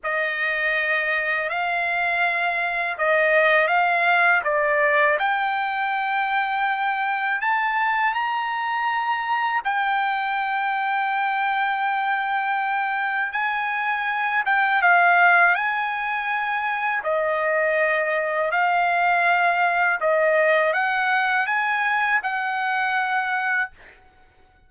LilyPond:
\new Staff \with { instrumentName = "trumpet" } { \time 4/4 \tempo 4 = 81 dis''2 f''2 | dis''4 f''4 d''4 g''4~ | g''2 a''4 ais''4~ | ais''4 g''2.~ |
g''2 gis''4. g''8 | f''4 gis''2 dis''4~ | dis''4 f''2 dis''4 | fis''4 gis''4 fis''2 | }